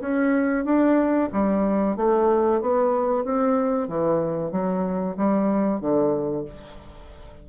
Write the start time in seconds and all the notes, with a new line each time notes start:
0.00 C#4
0.65 D4
1.32 G3
1.96 A3
2.61 B3
3.24 C4
3.88 E3
4.51 F#3
5.16 G3
5.80 D3